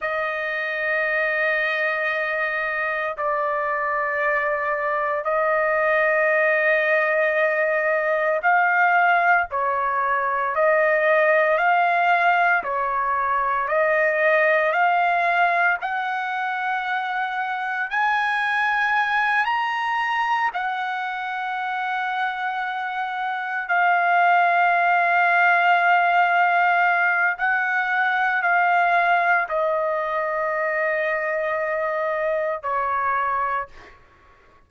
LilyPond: \new Staff \with { instrumentName = "trumpet" } { \time 4/4 \tempo 4 = 57 dis''2. d''4~ | d''4 dis''2. | f''4 cis''4 dis''4 f''4 | cis''4 dis''4 f''4 fis''4~ |
fis''4 gis''4. ais''4 fis''8~ | fis''2~ fis''8 f''4.~ | f''2 fis''4 f''4 | dis''2. cis''4 | }